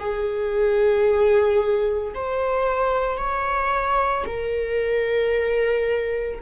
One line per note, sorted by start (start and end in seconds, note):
0.00 2.14 G#4
2.15 3.18 C5
3.18 4.25 C#5
4.27 6.41 A#4